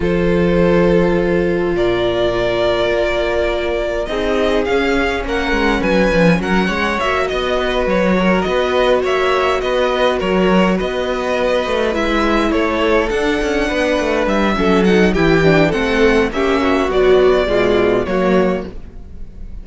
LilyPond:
<<
  \new Staff \with { instrumentName = "violin" } { \time 4/4 \tempo 4 = 103 c''2. d''4~ | d''2. dis''4 | f''4 fis''4 gis''4 fis''4 | e''8 dis''4 cis''4 dis''4 e''8~ |
e''8 dis''4 cis''4 dis''4.~ | dis''8 e''4 cis''4 fis''4.~ | fis''8 e''4 fis''8 g''4 fis''4 | e''4 d''2 cis''4 | }
  \new Staff \with { instrumentName = "violin" } { \time 4/4 a'2. ais'4~ | ais'2. gis'4~ | gis'4 ais'4 b'4 ais'8 cis''8~ | cis''8 dis''8 b'4 ais'8 b'4 cis''8~ |
cis''8 b'4 ais'4 b'4.~ | b'4. a'2 b'8~ | b'4 a'4 g'4 a'4 | g'8 fis'4. f'4 fis'4 | }
  \new Staff \with { instrumentName = "viola" } { \time 4/4 f'1~ | f'2. dis'4 | cis'1 | fis'1~ |
fis'1~ | fis'8 e'2 d'4.~ | d'4 cis'8 dis'8 e'8 d'8 c'4 | cis'4 fis4 gis4 ais4 | }
  \new Staff \with { instrumentName = "cello" } { \time 4/4 f2. ais,4~ | ais,4 ais2 c'4 | cis'4 ais8 gis8 fis8 f8 fis8 gis8 | ais8 b4 fis4 b4 ais8~ |
ais8 b4 fis4 b4. | a8 gis4 a4 d'8 cis'8 b8 | a8 g8 fis4 e4 a4 | ais4 b4 b,4 fis4 | }
>>